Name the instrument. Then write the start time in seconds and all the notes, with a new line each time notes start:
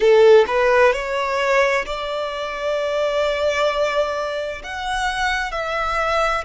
violin
0.00 A4
0.47 B4
0.92 C#5
1.85 D5
4.63 F#5
5.51 E5